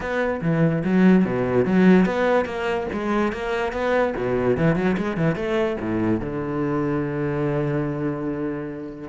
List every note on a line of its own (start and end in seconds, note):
0.00 0.40 B3
0.41 0.83 E3
0.84 1.24 F#3
1.24 1.65 B2
1.65 2.05 F#3
2.05 2.45 B3
2.45 2.86 A#3
2.92 3.32 G#3
3.32 3.72 A#3
3.72 4.13 B3
4.17 4.57 B2
4.57 4.75 E3
4.75 4.96 F#3
4.97 5.16 G#3
5.16 5.35 E3
5.35 5.76 A3
5.80 6.20 A2
6.20 9.09 D3